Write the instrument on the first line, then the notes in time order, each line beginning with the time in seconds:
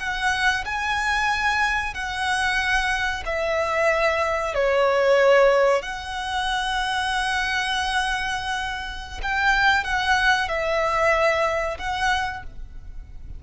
violin
0.00 F#5
0.65 G#5
1.94 F#5
3.26 E5
4.55 C#5
5.82 F#5
9.22 G5
9.84 F#5
10.49 E5
11.79 F#5